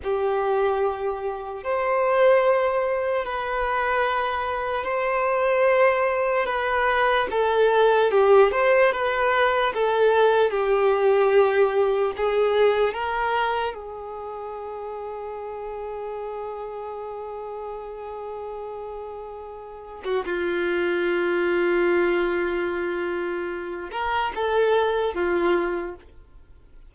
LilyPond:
\new Staff \with { instrumentName = "violin" } { \time 4/4 \tempo 4 = 74 g'2 c''2 | b'2 c''2 | b'4 a'4 g'8 c''8 b'4 | a'4 g'2 gis'4 |
ais'4 gis'2.~ | gis'1~ | gis'8. fis'16 f'2.~ | f'4. ais'8 a'4 f'4 | }